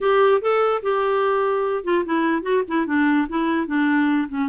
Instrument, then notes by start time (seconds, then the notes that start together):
clarinet
0.01 G4
0.41 A4
0.82 G4
1.84 F4
2.05 E4
2.42 F#4
2.68 E4
2.86 D4
3.29 E4
3.66 D4
4.28 C#4